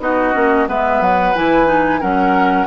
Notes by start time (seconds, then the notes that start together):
0.00 B3 D#4 F#4 D#5
0.34 A#3 C#4
0.68 G#3 B3 B4 E5
1.01 F#3 F#5
1.35 E3 E4 G#5
1.67 D#4
2.01 F#3 C#4 A#4 F#5